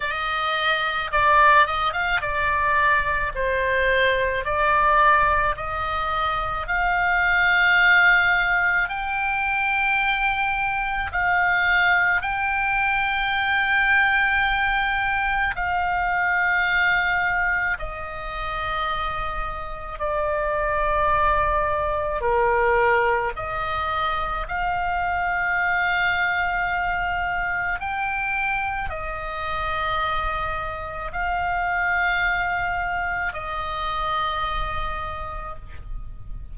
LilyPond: \new Staff \with { instrumentName = "oboe" } { \time 4/4 \tempo 4 = 54 dis''4 d''8 dis''16 f''16 d''4 c''4 | d''4 dis''4 f''2 | g''2 f''4 g''4~ | g''2 f''2 |
dis''2 d''2 | ais'4 dis''4 f''2~ | f''4 g''4 dis''2 | f''2 dis''2 | }